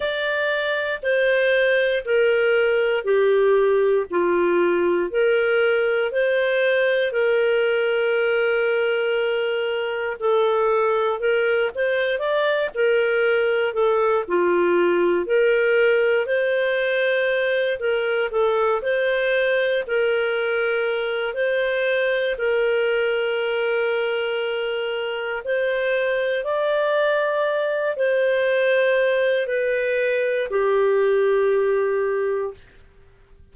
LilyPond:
\new Staff \with { instrumentName = "clarinet" } { \time 4/4 \tempo 4 = 59 d''4 c''4 ais'4 g'4 | f'4 ais'4 c''4 ais'4~ | ais'2 a'4 ais'8 c''8 | d''8 ais'4 a'8 f'4 ais'4 |
c''4. ais'8 a'8 c''4 ais'8~ | ais'4 c''4 ais'2~ | ais'4 c''4 d''4. c''8~ | c''4 b'4 g'2 | }